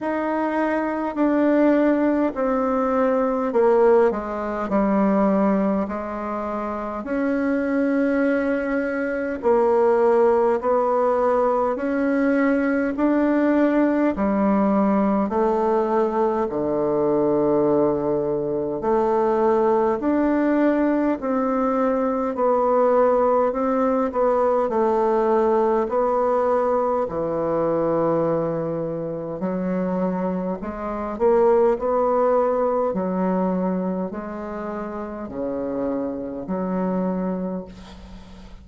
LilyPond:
\new Staff \with { instrumentName = "bassoon" } { \time 4/4 \tempo 4 = 51 dis'4 d'4 c'4 ais8 gis8 | g4 gis4 cis'2 | ais4 b4 cis'4 d'4 | g4 a4 d2 |
a4 d'4 c'4 b4 | c'8 b8 a4 b4 e4~ | e4 fis4 gis8 ais8 b4 | fis4 gis4 cis4 fis4 | }